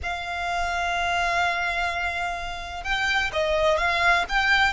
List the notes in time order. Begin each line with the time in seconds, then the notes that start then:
0.02 F5
2.83 G5
3.32 D#5
3.77 F5
4.28 G5